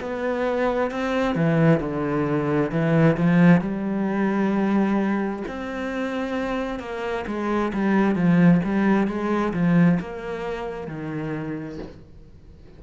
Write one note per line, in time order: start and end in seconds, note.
0.00 0.91 B3
0.91 1.35 C4
1.35 1.80 E3
1.80 2.71 D3
2.71 3.17 E3
3.17 3.61 F3
3.61 5.43 G3
5.48 6.79 C4
6.79 7.24 A#3
7.26 7.72 G#3
7.73 8.15 G3
8.15 8.60 F3
8.64 9.07 G3
9.07 9.52 G#3
9.53 9.99 F3
10.00 10.87 A#3
10.87 11.78 D#3